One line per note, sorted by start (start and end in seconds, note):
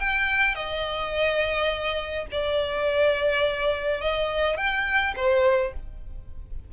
0.00 0.55 G5
0.55 2.26 D#5
2.31 4.01 D5
4.01 4.57 D#5
4.57 5.15 G5
5.16 5.73 C5